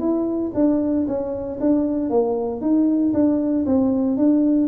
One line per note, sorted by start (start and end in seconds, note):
0.00 0.52 E4
0.55 1.06 D4
1.07 1.59 C#4
1.60 2.10 D4
2.10 2.61 A#3
2.61 3.13 D#4
3.14 3.65 D4
3.66 4.17 C4
4.17 4.68 D4